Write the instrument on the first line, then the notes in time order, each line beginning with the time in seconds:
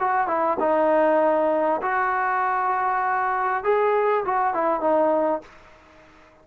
trombone
0.00 F#4
0.27 E4
0.60 D#4
1.82 F#4
3.64 G#4
4.25 F#4
4.54 E4
4.81 D#4